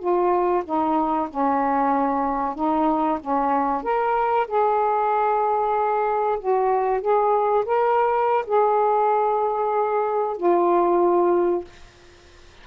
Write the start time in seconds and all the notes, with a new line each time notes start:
0.00 F4
0.65 D#4
1.30 C#4
2.55 D#4
3.21 C#4
3.84 A#4
4.48 G#4
6.40 F#4
7.01 G#4
7.66 A#4
8.47 G#4
10.38 F4